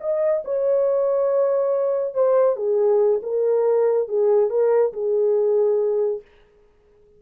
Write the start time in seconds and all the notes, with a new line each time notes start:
0.00 D#5
0.45 C#5
2.14 C5
2.56 G#4
3.22 A#4
4.08 G#4
4.50 A#4
4.93 G#4